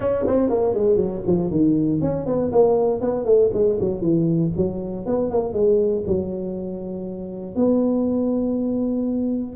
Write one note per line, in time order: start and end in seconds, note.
0.00 0.25 C#4
0.26 0.49 C4
0.49 0.74 A#3
0.74 0.96 G#3
0.96 1.21 F#3
1.26 1.50 F3
1.50 2.01 D#3
2.01 2.26 C#4
2.26 2.51 B3
2.52 3.00 A#3
3.00 3.25 B3
3.25 3.50 A3
3.53 3.78 G#3
3.80 4.01 F#3
4.01 4.51 E3
4.57 5.06 F#3
5.06 5.30 B3
5.30 5.53 A#3
5.53 6.03 G#3
6.06 7.55 F#3
7.55 9.56 B3